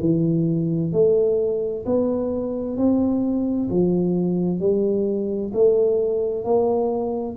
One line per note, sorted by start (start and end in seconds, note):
0.00 0.92 E3
0.92 1.85 A3
1.85 2.77 B3
2.77 3.69 C4
3.70 4.59 F3
4.59 5.52 G3
5.53 6.44 A3
6.44 7.36 A#3